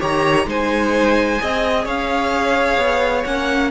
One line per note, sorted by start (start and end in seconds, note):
0.00 0.46 D#3
0.00 0.47 G4
0.00 0.47 C#5
0.00 0.49 A#5
0.46 1.39 G#3
0.46 1.38 D#4
0.46 1.42 C5
0.46 1.87 G#5
1.38 1.86 C4
1.38 3.24 G#4
1.38 1.85 D#5
1.85 2.78 C#4
1.85 3.71 C#5
1.85 3.25 F5
2.78 3.24 B3
3.25 3.72 A#3
3.25 3.72 C#4
3.25 3.71 F#5